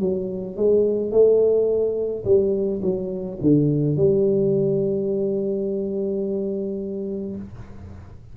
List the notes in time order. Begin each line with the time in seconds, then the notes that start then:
0.00 F#3
0.57 G#3
1.12 A3
2.25 G3
2.83 F#3
3.42 D3
3.97 G3